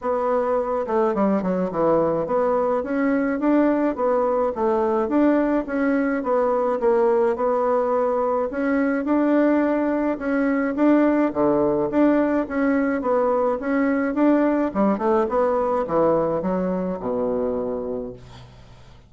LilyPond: \new Staff \with { instrumentName = "bassoon" } { \time 4/4 \tempo 4 = 106 b4. a8 g8 fis8 e4 | b4 cis'4 d'4 b4 | a4 d'4 cis'4 b4 | ais4 b2 cis'4 |
d'2 cis'4 d'4 | d4 d'4 cis'4 b4 | cis'4 d'4 g8 a8 b4 | e4 fis4 b,2 | }